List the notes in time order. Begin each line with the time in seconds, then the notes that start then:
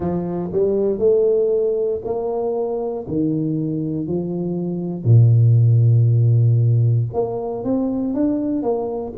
0.00 F3
0.52 G3
0.98 A3
2.04 A#3
3.07 D#3
4.07 F3
5.04 A#2
7.13 A#3
7.64 C4
8.14 D4
8.62 A#3